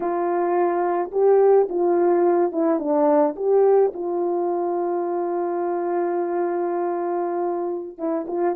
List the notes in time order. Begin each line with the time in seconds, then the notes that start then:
0.00 F4
1.11 G4
1.69 F4
2.52 E4
2.79 D4
3.36 G4
3.93 F4
7.98 E4
8.27 F4